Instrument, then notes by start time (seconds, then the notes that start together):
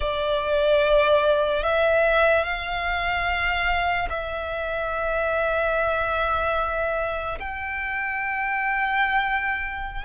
violin
0.00 D5
1.63 E5
2.44 F5
4.09 E5
7.39 G5